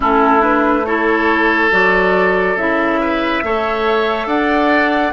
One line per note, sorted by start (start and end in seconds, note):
0.00 1.71 A3
0.00 0.39 C#4
0.00 0.86 E4
0.00 0.43 A4
0.39 0.82 D4
0.39 0.85 B4
0.85 1.70 E4
0.85 3.00 A4
0.85 1.71 C#5
1.70 2.55 F#3
1.70 2.56 F#4
1.70 2.57 D5
2.55 3.41 C#3
2.55 3.44 E4
2.55 4.28 E5
3.00 3.43 B4
3.43 4.26 A3
3.43 5.13 A4
3.43 4.27 C#5
4.26 5.11 D4
4.26 5.13 D5
4.26 5.13 F#5